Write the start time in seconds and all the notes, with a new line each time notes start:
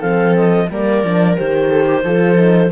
0.00 F3 C4 A4 F5
0.36 D#5
0.70 G3 A#3 A#4 D5
1.03 F3 D4
1.36 D#3 G4 C5
1.69 A4
1.87 G4
2.04 F3 F4 A4
2.36 D#4